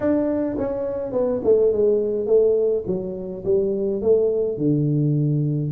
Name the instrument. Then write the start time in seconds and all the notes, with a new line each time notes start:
tuba
0.00 D4
0.58 C#4
1.12 B3
1.43 A3
1.72 G#3
2.26 A3
2.86 F#3
3.44 G3
4.01 A3
4.57 D3